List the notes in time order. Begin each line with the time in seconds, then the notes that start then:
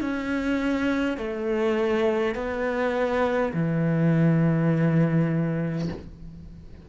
0.00 C#4
1.17 A3
2.35 B3
3.53 E3